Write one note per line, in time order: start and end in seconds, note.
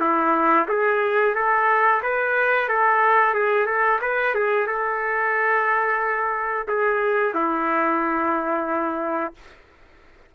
0.00 0.67 E4
0.68 1.35 G#4
1.35 2.02 A4
2.03 2.68 B4
2.68 3.34 A4
3.34 3.66 G#4
3.66 4.00 A4
4.02 4.35 B4
4.35 4.67 G#4
4.67 6.67 A4
6.68 7.34 G#4
7.34 9.34 E4